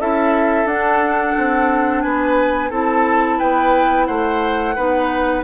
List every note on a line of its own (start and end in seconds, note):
0.00 0.65 C#4
0.00 0.68 E4
0.00 2.04 A4
0.00 0.68 E5
0.65 1.34 D4
0.65 2.71 D4
0.65 2.02 F#5
1.38 2.05 C4
2.02 2.71 B3
2.02 2.70 B4
2.02 2.70 G#5
2.70 3.39 C4
2.70 4.76 E4
2.70 3.39 A4
2.70 3.39 A5
3.39 4.09 B3
3.39 4.07 B4
3.39 4.06 G5
4.06 4.77 A3
4.06 4.75 C5
4.06 5.43 F#5
4.76 5.44 B3
4.76 5.44 D#4
4.76 5.44 B4